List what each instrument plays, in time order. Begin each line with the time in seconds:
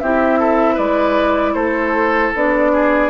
0.00 bassoon C4, clarinet E4, oboe G4, flute E5
0.39 oboe A4
0.75 bassoon G#3, oboe B4, flute D5
1.54 bassoon A3, oboe A4, flute C5
2.35 bassoon B3, clarinet D4, flute D5
2.73 oboe G#4